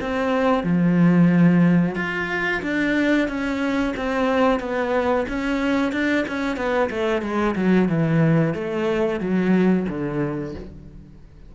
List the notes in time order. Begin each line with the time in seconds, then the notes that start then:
0.00 C4
0.63 F3
1.95 F4
2.62 D4
3.28 C#4
3.96 C4
4.59 B3
5.28 C#4
5.92 D4
6.27 C#4
6.56 B3
6.90 A3
7.21 G#3
7.55 F#3
7.88 E3
8.54 A3
9.20 F#3
9.88 D3